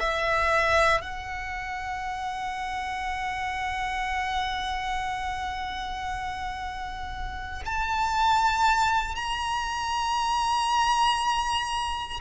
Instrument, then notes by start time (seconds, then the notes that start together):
violin
0.00 E5
1.01 F#5
7.65 A5
9.15 A#5